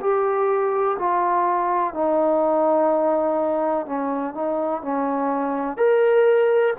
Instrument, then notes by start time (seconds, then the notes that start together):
trombone
0.00 G4
0.99 F4
1.94 D#4
3.86 C#4
4.35 D#4
4.82 C#4
5.77 A#4